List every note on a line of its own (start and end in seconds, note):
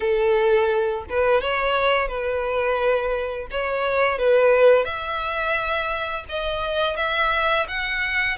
0.00 1.05 A4
1.09 1.41 B4
1.41 2.07 C#5
2.07 3.47 B4
3.51 4.18 C#5
4.18 4.84 B4
4.84 6.24 E5
6.29 6.96 D#5
6.96 7.66 E5
7.67 8.37 F#5